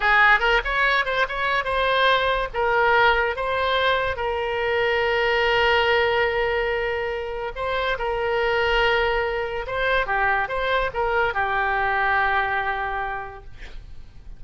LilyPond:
\new Staff \with { instrumentName = "oboe" } { \time 4/4 \tempo 4 = 143 gis'4 ais'8 cis''4 c''8 cis''4 | c''2 ais'2 | c''2 ais'2~ | ais'1~ |
ais'2 c''4 ais'4~ | ais'2. c''4 | g'4 c''4 ais'4 g'4~ | g'1 | }